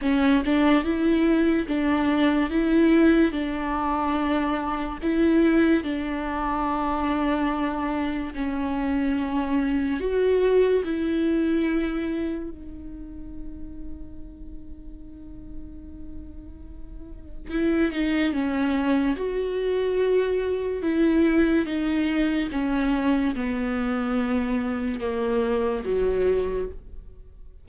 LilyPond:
\new Staff \with { instrumentName = "viola" } { \time 4/4 \tempo 4 = 72 cis'8 d'8 e'4 d'4 e'4 | d'2 e'4 d'4~ | d'2 cis'2 | fis'4 e'2 dis'4~ |
dis'1~ | dis'4 e'8 dis'8 cis'4 fis'4~ | fis'4 e'4 dis'4 cis'4 | b2 ais4 fis4 | }